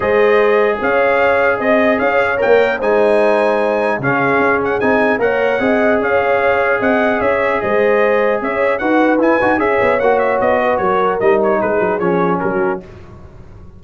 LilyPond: <<
  \new Staff \with { instrumentName = "trumpet" } { \time 4/4 \tempo 4 = 150 dis''2 f''2 | dis''4 f''4 g''4 gis''4~ | gis''2 f''4. fis''8 | gis''4 fis''2 f''4~ |
f''4 fis''4 e''4 dis''4~ | dis''4 e''4 fis''4 gis''4 | e''4 fis''8 e''8 dis''4 cis''4 | dis''8 cis''8 b'4 cis''4 ais'4 | }
  \new Staff \with { instrumentName = "horn" } { \time 4/4 c''2 cis''2 | dis''4 cis''2 c''4~ | c''2 gis'2~ | gis'4 cis''4 dis''4 cis''4~ |
cis''4 dis''4 cis''4 c''4~ | c''4 cis''4 b'2 | cis''2~ cis''8 b'8 ais'4~ | ais'4 gis'2 fis'4 | }
  \new Staff \with { instrumentName = "trombone" } { \time 4/4 gis'1~ | gis'2 ais'4 dis'4~ | dis'2 cis'2 | dis'4 ais'4 gis'2~ |
gis'1~ | gis'2 fis'4 e'8 fis'8 | gis'4 fis'2. | dis'2 cis'2 | }
  \new Staff \with { instrumentName = "tuba" } { \time 4/4 gis2 cis'2 | c'4 cis'4 ais4 gis4~ | gis2 cis4 cis'4 | c'4 ais4 c'4 cis'4~ |
cis'4 c'4 cis'4 gis4~ | gis4 cis'4 dis'4 e'8 dis'8 | cis'8 b8 ais4 b4 fis4 | g4 gis8 fis8 f4 fis4 | }
>>